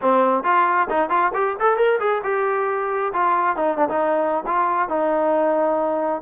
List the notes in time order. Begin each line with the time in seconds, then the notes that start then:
0.01 C4
0.43 F4
0.89 D#4
1.09 F4
1.34 G4
1.59 A4
1.76 A#4
2.00 G#4
2.23 G4
3.13 F4
3.56 D#4
3.77 D4
3.88 D#4
4.46 F4
4.88 D#4